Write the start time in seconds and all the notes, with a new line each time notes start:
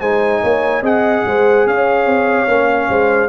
0.00 G#3 D#4 C5 G#5
0.42 A#3 C#5
0.82 C4 G#4 D#5 F#5
1.26 G#3 C5
1.66 C#4 C#5 F5
2.06 C4
2.47 A#3 C#4
2.89 G#3 C5